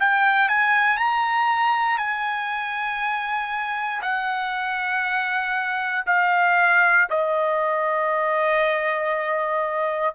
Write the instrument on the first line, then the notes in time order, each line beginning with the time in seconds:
trumpet
0.00 G5
0.49 G#5
0.98 A#5
1.98 G#5
4.02 F#5
6.06 F5
7.10 D#5